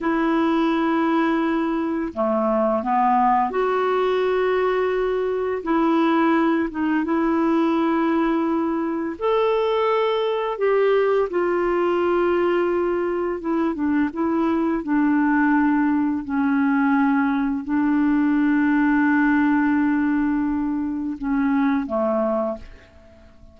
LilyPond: \new Staff \with { instrumentName = "clarinet" } { \time 4/4 \tempo 4 = 85 e'2. a4 | b4 fis'2. | e'4. dis'8 e'2~ | e'4 a'2 g'4 |
f'2. e'8 d'8 | e'4 d'2 cis'4~ | cis'4 d'2.~ | d'2 cis'4 a4 | }